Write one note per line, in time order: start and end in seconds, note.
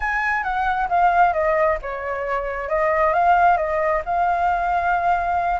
0.00 0.43 G#5
0.43 0.87 F#5
0.88 1.33 F5
1.33 1.78 D#5
1.81 2.69 C#5
2.69 3.13 D#5
3.13 3.57 F5
3.57 4.02 D#5
4.05 5.60 F5